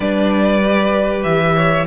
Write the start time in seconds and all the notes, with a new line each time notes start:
0.00 G3 D4 B4 D5
0.64 G4
1.23 E3 E5
1.55 C#5